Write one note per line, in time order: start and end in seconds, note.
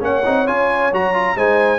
0.00 0.25 A#3
0.00 0.23 C#4
0.00 1.37 C#5
0.00 0.48 F#5
0.25 0.48 C4
0.25 0.47 D#4
0.47 0.93 C#4
0.47 0.92 F4
0.47 0.93 G#5
0.93 1.36 F#3
0.93 1.14 F#4
0.93 1.38 A#5
1.14 1.37 F4
1.36 1.79 G#3
1.36 1.79 D#4
1.36 1.79 C5
1.36 1.79 G#5